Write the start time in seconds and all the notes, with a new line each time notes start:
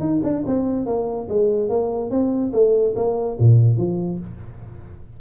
0.00 D#4
0.23 D4
0.47 C4
0.86 A#3
1.29 G#3
1.69 A#3
2.11 C4
2.53 A3
2.96 A#3
3.39 A#2
3.77 F3